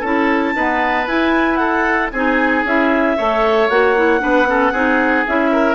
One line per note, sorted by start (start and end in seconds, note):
0.00 0.54 C#4
0.00 0.56 E4
0.00 0.52 A4
0.00 1.07 A5
0.54 1.07 B3
0.54 1.07 D#4
0.54 1.59 B4
1.07 2.11 E4
1.07 2.12 E4
1.07 1.55 G#5
1.55 2.11 A4
1.55 2.07 F#5
2.11 2.64 C4
2.11 2.66 D#4
2.11 3.17 G#4
2.11 2.63 G#5
2.64 3.16 C#4
2.64 3.17 E4
2.64 3.69 E5
3.17 3.69 A3
3.17 3.70 A4
3.17 4.21 C#5
3.69 4.21 A#3
3.69 3.96 F#4
3.69 5.25 F#5
3.96 4.19 E4
4.19 4.72 B3
4.19 4.45 D4
4.19 4.47 B4
4.46 4.72 C#4
4.46 4.72 A4
4.72 5.25 C4
4.72 5.26 D#4
4.72 5.50 G#4
5.27 5.75 C#4
5.27 5.75 E4
5.27 5.75 E5
5.52 5.75 A#4